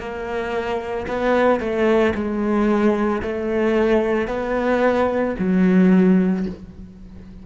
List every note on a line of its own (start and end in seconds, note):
0.00 1.07 A#3
1.08 1.60 B3
1.60 2.14 A3
2.15 3.22 G#3
3.23 4.28 A3
4.28 5.35 B3
5.39 6.46 F#3